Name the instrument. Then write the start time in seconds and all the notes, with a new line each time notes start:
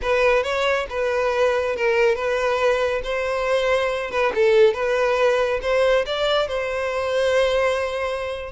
violin
0.01 B4
0.43 C#5
0.89 B4
1.76 A#4
2.15 B4
3.03 C5
4.10 B4
4.34 A4
4.73 B4
5.62 C5
6.06 D5
6.47 C5